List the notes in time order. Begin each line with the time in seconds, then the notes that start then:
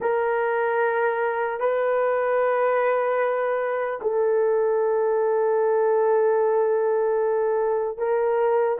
0.00 A#4
1.60 B4
4.01 A4
7.98 A#4